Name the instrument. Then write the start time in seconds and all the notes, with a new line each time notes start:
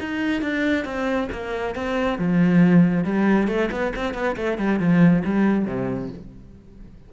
cello
0.00 D#4
0.42 D4
0.85 C4
1.32 A#3
1.75 C4
2.18 F3
3.04 G3
3.48 A3
3.71 B3
3.96 C4
4.14 B3
4.37 A3
4.58 G3
4.80 F3
5.25 G3
5.66 C3